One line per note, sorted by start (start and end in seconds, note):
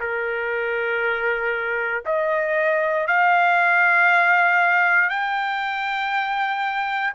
0.00 2.03 A#4
2.06 3.07 D#5
3.07 5.09 F5
5.09 7.13 G5